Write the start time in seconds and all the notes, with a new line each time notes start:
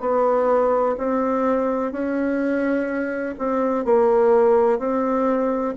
0.00 B3
0.97 C4
1.92 C#4
3.38 C4
3.85 A#3
4.79 C4